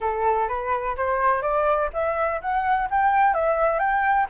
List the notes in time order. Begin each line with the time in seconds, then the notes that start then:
0.00 A4
0.48 B4
0.96 C5
1.42 D5
1.93 E5
2.41 F#5
2.90 G5
3.34 E5
3.79 G5